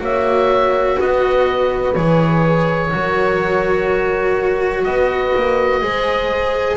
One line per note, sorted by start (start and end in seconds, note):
0.00 0.98 A#3
0.00 1.94 F#4
0.00 0.97 C#5
0.00 1.00 E5
0.97 1.96 B3
0.97 2.90 B4
0.97 1.94 D#5
1.94 2.93 E3
1.94 2.92 G#4
1.94 4.84 C#5
2.92 4.86 F#3
2.92 5.82 F#4
2.92 4.86 A#4
4.84 5.34 B3
4.84 5.83 B4
4.84 6.78 D#5
5.37 5.83 A#3
5.82 6.78 G#3
5.82 6.78 G#4
5.82 6.78 C5